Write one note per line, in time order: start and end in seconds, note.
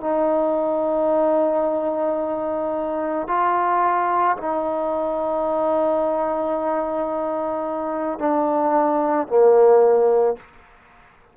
0.00 3.27 D#4
3.27 4.36 F4
4.37 8.19 D#4
8.19 9.27 D4
9.27 10.36 A#3